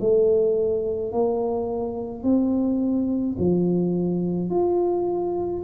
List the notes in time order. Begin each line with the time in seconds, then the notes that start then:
0.00 A3
1.12 A#3
2.23 C4
3.39 F3
4.50 F4